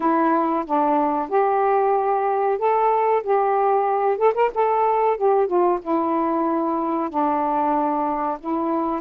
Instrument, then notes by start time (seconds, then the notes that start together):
saxophone
0.00 E4
0.65 D4
1.29 G4
2.58 A4
3.23 G4
4.17 A4
4.34 A#4
4.54 A4
5.17 G4
5.47 F4
5.81 E4
7.09 D4
8.40 E4